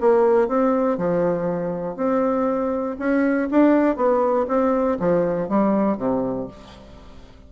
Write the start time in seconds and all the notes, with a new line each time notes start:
0.00 A#3
0.48 C4
0.97 F3
1.96 C4
2.98 C#4
3.50 D4
3.96 B3
4.48 C4
4.99 F3
5.48 G3
5.97 C3